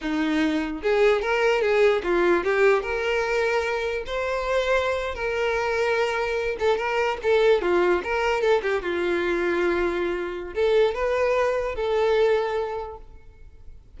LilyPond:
\new Staff \with { instrumentName = "violin" } { \time 4/4 \tempo 4 = 148 dis'2 gis'4 ais'4 | gis'4 f'4 g'4 ais'4~ | ais'2 c''2~ | c''8. ais'2.~ ais'16~ |
ais'16 a'8 ais'4 a'4 f'4 ais'16~ | ais'8. a'8 g'8 f'2~ f'16~ | f'2 a'4 b'4~ | b'4 a'2. | }